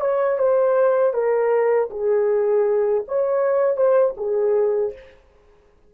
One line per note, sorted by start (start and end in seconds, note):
0.00 0.38 C#5
0.38 1.14 C5
1.14 1.90 A#4
1.90 3.04 G#4
3.08 3.76 C#5
3.76 4.14 C5
4.17 4.93 G#4